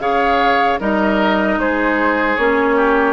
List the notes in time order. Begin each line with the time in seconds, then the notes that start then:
0.00 C#3 G#4 C#5 F5
0.80 G3 D#4 A#4 D#5
1.57 G#3 G#4 C5
2.36 A#3 C#4 C#5
2.76 G4